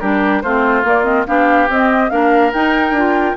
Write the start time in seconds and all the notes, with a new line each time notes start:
0.00 G3 D4 G4 A#4
0.42 A3 C4 F4 C5
0.84 A#3 D5
1.04 C4 D#5
1.27 B3 D4 G4 F5
1.69 C4 D#5
2.10 A#3 D4 A#4 F5
2.53 D#4 G5
2.91 D4
2.97 F4